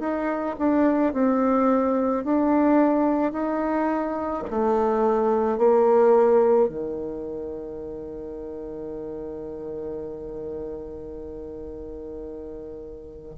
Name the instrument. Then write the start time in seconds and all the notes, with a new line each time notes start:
bassoon
0.00 D#4
0.59 D4
1.13 C4
2.24 D4
3.32 D#4
4.50 A3
5.58 A#3
6.69 D#3